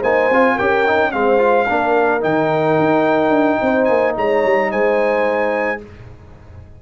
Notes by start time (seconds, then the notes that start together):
0.00 A#3 D#4 C5 G#5
0.30 C4 F4
0.55 C#4 G4 A#4 G5
0.87 D#4
1.12 G#3 C4 C5 F5
1.38 F4
1.68 A#3 D4 A#4
2.21 D#3 D#4 G5
2.79 D#4
3.29 D4
3.61 C4 C5
3.85 A#3 G#5
4.17 G#3 C#5 A#5
4.45 G3
4.71 G#3 C5 G#5